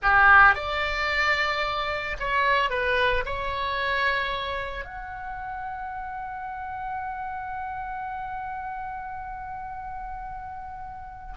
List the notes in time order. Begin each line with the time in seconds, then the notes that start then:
0.02 G4
0.54 D5
2.19 C#5
2.70 B4
3.25 C#5
4.85 F#5